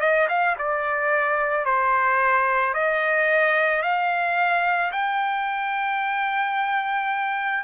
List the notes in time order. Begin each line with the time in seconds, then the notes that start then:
0.00 D#5
0.29 F5
0.58 D5
1.65 C5
2.74 D#5
3.82 F5
4.91 G5